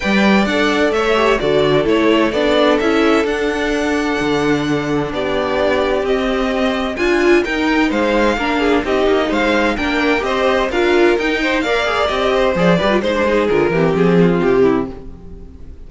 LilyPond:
<<
  \new Staff \with { instrumentName = "violin" } { \time 4/4 \tempo 4 = 129 g''4 fis''4 e''4 d''4 | cis''4 d''4 e''4 fis''4~ | fis''2. d''4~ | d''4 dis''2 gis''4 |
g''4 f''2 dis''4 | f''4 g''4 dis''4 f''4 | g''4 f''4 dis''4 d''4 | c''4 ais'4 gis'4 g'4 | }
  \new Staff \with { instrumentName = "violin" } { \time 4/4 d''2 cis''4 a'4~ | a'1~ | a'2. g'4~ | g'2. f'4 |
ais'4 c''4 ais'8 gis'8 g'4 | c''4 ais'4 c''4 ais'4~ | ais'8 c''8 d''4. c''4 b'8 | c''8 gis'4 g'4 f'4 e'8 | }
  \new Staff \with { instrumentName = "viola" } { \time 4/4 b'4 a'4. g'8 fis'4 | e'4 d'4 e'4 d'4~ | d'1~ | d'4 c'2 f'4 |
dis'2 d'4 dis'4~ | dis'4 d'4 g'4 f'4 | dis'4 ais'8 gis'8 g'4 gis'8 g'16 f'16 | dis'16 d'16 dis'8 f'8 c'2~ c'8 | }
  \new Staff \with { instrumentName = "cello" } { \time 4/4 g4 d'4 a4 d4 | a4 b4 cis'4 d'4~ | d'4 d2 b4~ | b4 c'2 d'4 |
dis'4 gis4 ais4 c'8 ais8 | gis4 ais4 c'4 d'4 | dis'4 ais4 c'4 f8 g8 | gis4 d8 e8 f4 c4 | }
>>